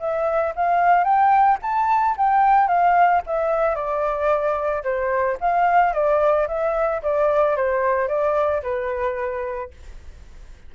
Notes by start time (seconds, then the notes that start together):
0.00 E5
0.56 F5
1.04 G5
1.62 A5
2.17 G5
2.68 F5
3.27 E5
3.75 D5
4.84 C5
5.41 F5
5.93 D5
6.48 E5
7.03 D5
7.57 C5
8.08 D5
8.63 B4